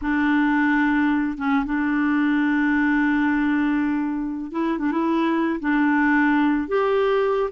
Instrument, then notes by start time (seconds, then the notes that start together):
clarinet
0.01 D4
1.37 C#4
1.65 D4
4.51 E4
4.78 D4
4.91 E4
5.60 D4
6.68 G4